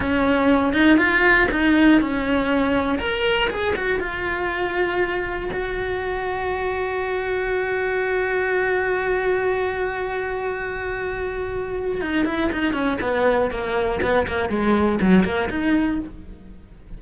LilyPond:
\new Staff \with { instrumentName = "cello" } { \time 4/4 \tempo 4 = 120 cis'4. dis'8 f'4 dis'4 | cis'2 ais'4 gis'8 fis'8 | f'2. fis'4~ | fis'1~ |
fis'1~ | fis'1 | dis'8 e'8 dis'8 cis'8 b4 ais4 | b8 ais8 gis4 fis8 ais8 dis'4 | }